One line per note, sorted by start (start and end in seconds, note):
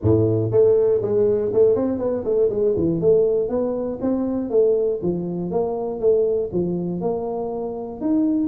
0.01 0.51 A2
0.51 1.01 A3
1.01 1.51 G#3
1.53 1.75 A3
1.75 1.98 C4
1.98 2.23 B3
2.24 2.49 A3
2.49 2.74 G#3
2.76 3.00 E3
3.00 3.48 A3
3.48 3.98 B3
4.01 4.50 C4
4.50 5.00 A3
5.02 5.50 F3
5.50 6.00 A#3
6.00 6.50 A3
6.52 7.00 F3
7.00 8.00 A#3
8.00 8.47 D#4